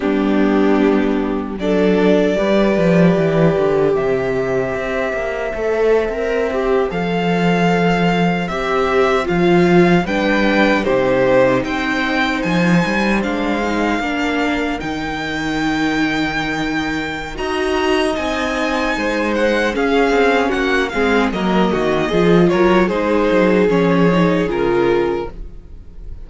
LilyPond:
<<
  \new Staff \with { instrumentName = "violin" } { \time 4/4 \tempo 4 = 76 g'2 d''2~ | d''4 e''2.~ | e''8. f''2 e''4 f''16~ | f''8. g''4 c''4 g''4 gis''16~ |
gis''8. f''2 g''4~ g''16~ | g''2 ais''4 gis''4~ | gis''8 fis''8 f''4 fis''8 f''8 dis''4~ | dis''8 cis''8 c''4 cis''4 ais'4 | }
  \new Staff \with { instrumentName = "violin" } { \time 4/4 d'2 a'4 b'4~ | b'4 c''2.~ | c''1~ | c''8. b'4 g'4 c''4~ c''16~ |
c''4.~ c''16 ais'2~ ais'16~ | ais'2 dis''2 | c''4 gis'4 fis'8 gis'8 ais'8 fis'8 | gis'8 ais'8 gis'2. | }
  \new Staff \with { instrumentName = "viola" } { \time 4/4 b2 d'4 g'4~ | g'2. a'8. ais'16~ | ais'16 g'8 a'2 g'4 f'16~ | f'8. d'4 dis'2~ dis'16~ |
dis'8. d'8 dis'8 d'4 dis'4~ dis'16~ | dis'2 fis'4 dis'4~ | dis'4 cis'4. c'8 ais4 | f'4 dis'4 cis'8 dis'8 f'4 | }
  \new Staff \with { instrumentName = "cello" } { \time 4/4 g2 fis4 g8 f8 | e8 d8 c4 c'8 ais8 a8. c'16~ | c'8. f2 c'4 f16~ | f8. g4 c4 c'4 f16~ |
f16 g8 gis4 ais4 dis4~ dis16~ | dis2 dis'4 c'4 | gis4 cis'8 c'8 ais8 gis8 fis8 dis8 | f8 fis8 gis8 fis8 f4 cis4 | }
>>